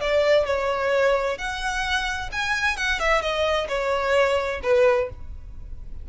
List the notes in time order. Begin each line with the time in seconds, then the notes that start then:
0.00 D5
0.45 C#5
1.38 F#5
2.32 G#5
2.77 F#5
2.99 E5
3.21 D#5
3.68 C#5
4.63 B4